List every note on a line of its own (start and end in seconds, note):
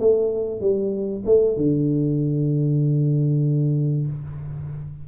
0.00 0.61 A3
0.61 1.24 G3
1.26 1.57 A3
1.57 4.07 D3